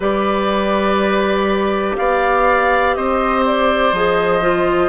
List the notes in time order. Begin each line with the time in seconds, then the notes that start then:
0.00 G3 G4 B4 D5
1.96 B3 D5 F5
2.95 C4 C5 D#5
3.45 D5
3.92 F3 G#4 D#5
4.41 F4